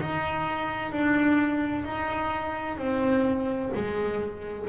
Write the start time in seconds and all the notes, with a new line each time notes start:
0.00 D#4
0.92 D4
1.84 D#4
2.77 C4
3.75 G#3